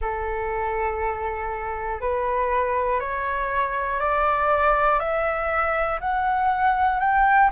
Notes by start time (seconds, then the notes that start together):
0.00 A4
2.00 B4
3.00 C#5
4.00 D5
5.00 E5
6.00 F#5
7.00 G5